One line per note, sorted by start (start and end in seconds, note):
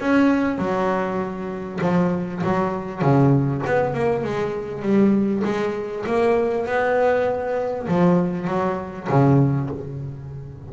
0.00 0.59 C#4
0.59 1.80 F#3
1.82 2.42 F3
2.44 3.02 F#3
3.02 3.63 C#3
3.66 3.95 B3
3.95 4.24 A#3
4.24 4.82 G#3
4.82 5.43 G3
5.45 6.06 G#3
6.07 6.66 A#3
6.66 7.88 B3
7.88 8.48 F3
8.48 9.08 F#3
9.09 9.70 C#3